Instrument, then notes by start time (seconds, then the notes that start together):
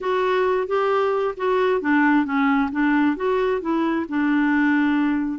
clarinet
0.01 F#4
0.67 G4
1.37 F#4
1.81 D4
2.25 C#4
2.71 D4
3.16 F#4
3.61 E4
4.08 D4